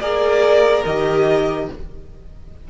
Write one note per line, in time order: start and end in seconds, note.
0.00 0.84 A#3
0.00 0.85 G#4
0.00 1.68 A#4
0.00 0.83 D5
0.86 1.69 D#3
0.86 1.70 G4
0.86 1.69 D#5